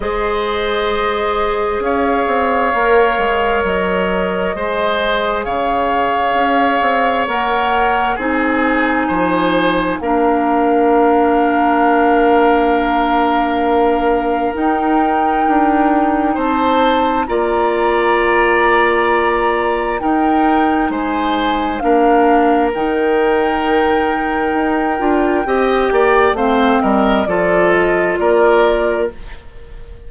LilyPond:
<<
  \new Staff \with { instrumentName = "flute" } { \time 4/4 \tempo 4 = 66 dis''2 f''2 | dis''2 f''2 | fis''4 gis''2 f''4~ | f''1 |
g''2 a''4 ais''4~ | ais''2 g''4 gis''4 | f''4 g''2.~ | g''4 f''8 dis''8 d''8 dis''8 d''4 | }
  \new Staff \with { instrumentName = "oboe" } { \time 4/4 c''2 cis''2~ | cis''4 c''4 cis''2~ | cis''4 gis'4 c''4 ais'4~ | ais'1~ |
ais'2 c''4 d''4~ | d''2 ais'4 c''4 | ais'1 | dis''8 d''8 c''8 ais'8 a'4 ais'4 | }
  \new Staff \with { instrumentName = "clarinet" } { \time 4/4 gis'2. ais'4~ | ais'4 gis'2. | ais'4 dis'2 d'4~ | d'1 |
dis'2. f'4~ | f'2 dis'2 | d'4 dis'2~ dis'8 f'8 | g'4 c'4 f'2 | }
  \new Staff \with { instrumentName = "bassoon" } { \time 4/4 gis2 cis'8 c'8 ais8 gis8 | fis4 gis4 cis4 cis'8 c'8 | ais4 c'4 f4 ais4~ | ais1 |
dis'4 d'4 c'4 ais4~ | ais2 dis'4 gis4 | ais4 dis2 dis'8 d'8 | c'8 ais8 a8 g8 f4 ais4 | }
>>